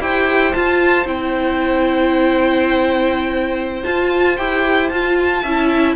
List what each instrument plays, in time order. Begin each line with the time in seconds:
0.00 cello E4, viola G4, violin C5 G5
0.53 viola F4, cello F4, violin A5
1.05 cello C4, viola E4, violin G5
3.83 viola F4, cello F4, violin A5
4.37 cello E4, viola G4, violin G5
4.88 cello F4, viola F4, violin A5
5.42 cello C#4, viola E4, violin E5